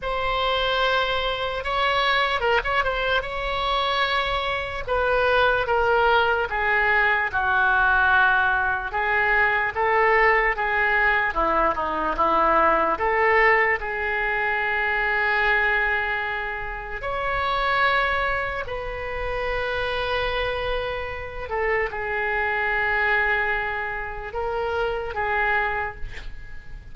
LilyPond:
\new Staff \with { instrumentName = "oboe" } { \time 4/4 \tempo 4 = 74 c''2 cis''4 ais'16 cis''16 c''8 | cis''2 b'4 ais'4 | gis'4 fis'2 gis'4 | a'4 gis'4 e'8 dis'8 e'4 |
a'4 gis'2.~ | gis'4 cis''2 b'4~ | b'2~ b'8 a'8 gis'4~ | gis'2 ais'4 gis'4 | }